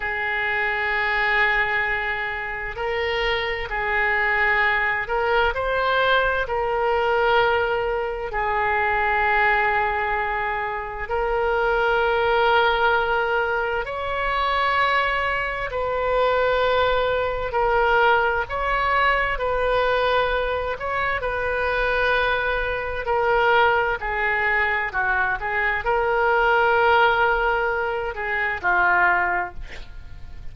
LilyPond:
\new Staff \with { instrumentName = "oboe" } { \time 4/4 \tempo 4 = 65 gis'2. ais'4 | gis'4. ais'8 c''4 ais'4~ | ais'4 gis'2. | ais'2. cis''4~ |
cis''4 b'2 ais'4 | cis''4 b'4. cis''8 b'4~ | b'4 ais'4 gis'4 fis'8 gis'8 | ais'2~ ais'8 gis'8 f'4 | }